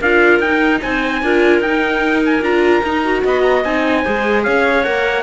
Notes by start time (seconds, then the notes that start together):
0.00 D4 F4 A#4 F5
0.39 D#4 G5
0.81 C4 C5 G#5
1.22 D4 F4 A#4
1.60 D#4 G5
2.25 G#5
2.41 D4 F4 A#5
2.83 D#4
3.04 F#4
3.23 B3 D#5 B5
3.42 A#5
3.64 C4 D#4 G#5
4.02 G#3 G#4 C5
4.43 C#4 C#5 F5
4.84 A#3 A#4 F#5